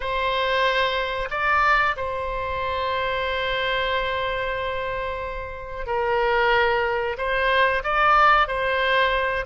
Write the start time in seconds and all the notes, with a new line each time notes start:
0.00 C5
1.30 D5
1.96 C5
5.86 A#4
7.17 C5
7.83 D5
8.47 C5